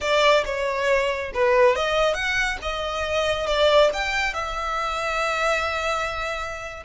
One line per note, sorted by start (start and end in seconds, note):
0.01 0.44 D5
0.45 1.32 C#5
1.34 1.75 B4
1.75 2.14 D#5
2.14 2.57 F#5
2.62 3.46 D#5
3.46 3.90 D5
3.93 4.33 G5
4.33 6.83 E5